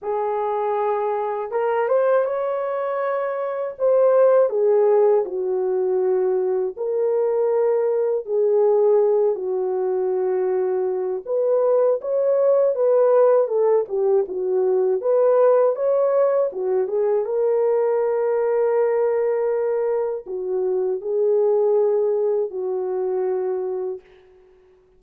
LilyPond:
\new Staff \with { instrumentName = "horn" } { \time 4/4 \tempo 4 = 80 gis'2 ais'8 c''8 cis''4~ | cis''4 c''4 gis'4 fis'4~ | fis'4 ais'2 gis'4~ | gis'8 fis'2~ fis'8 b'4 |
cis''4 b'4 a'8 g'8 fis'4 | b'4 cis''4 fis'8 gis'8 ais'4~ | ais'2. fis'4 | gis'2 fis'2 | }